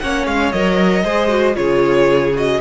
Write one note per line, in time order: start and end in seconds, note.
0.00 0.27 A#3
0.00 0.54 C#4
0.00 1.04 C#5
0.00 0.26 F#5
0.27 0.53 G#3
0.27 0.52 F5
0.52 1.04 F#3
0.52 1.05 A#4
0.52 1.56 D#5
1.04 1.56 G#3
1.04 1.29 G#4
1.04 1.56 C5
1.29 1.54 F#4
1.54 2.61 C#3
1.54 2.32 F4
1.54 2.61 G#4
1.54 2.35 C#5
2.35 2.61 F#4
2.35 2.61 D#5